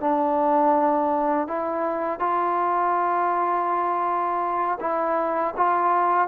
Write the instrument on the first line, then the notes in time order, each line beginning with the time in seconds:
trombone
0.00 D4
1.47 E4
2.19 F4
4.80 E4
5.57 F4